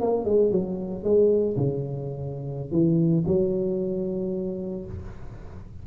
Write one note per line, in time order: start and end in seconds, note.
0.00 0.25 A#3
0.25 0.51 G#3
0.51 1.03 F#3
1.03 1.56 G#3
1.56 2.71 C#3
2.71 3.24 E3
3.27 4.85 F#3